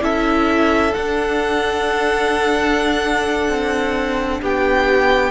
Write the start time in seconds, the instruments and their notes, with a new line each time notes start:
0.00 cello C#4, viola E4, violin A4 E5
0.94 cello D4, viola D4, violin F#5
3.48 cello C4
4.41 cello B3, violin G4 G5